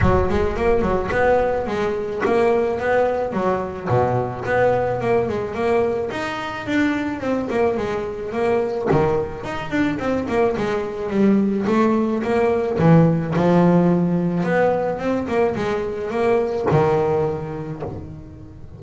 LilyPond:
\new Staff \with { instrumentName = "double bass" } { \time 4/4 \tempo 4 = 108 fis8 gis8 ais8 fis8 b4 gis4 | ais4 b4 fis4 b,4 | b4 ais8 gis8 ais4 dis'4 | d'4 c'8 ais8 gis4 ais4 |
dis4 dis'8 d'8 c'8 ais8 gis4 | g4 a4 ais4 e4 | f2 b4 c'8 ais8 | gis4 ais4 dis2 | }